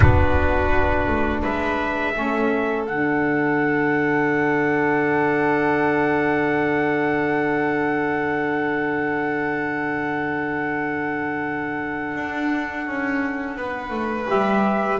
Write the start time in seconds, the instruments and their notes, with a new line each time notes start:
0.00 double bass B3, saxophone D4, violin F#4, trumpet B4
1.07 double bass A3
1.41 double bass G#3, violin B4, trumpet E5
2.14 double bass A3, saxophone C#4, violin A4
2.86 double bass D3, saxophone D4, trumpet F#5
12.15 double bass D4
12.87 double bass C#4
13.57 double bass B3, violin B4
13.90 double bass A3
14.27 double bass G3, saxophone G4, trumpet E5